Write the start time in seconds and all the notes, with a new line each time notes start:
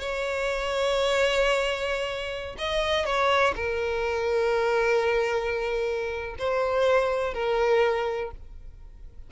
0.00 C#5
2.58 D#5
3.06 C#5
3.55 A#4
6.39 C5
7.34 A#4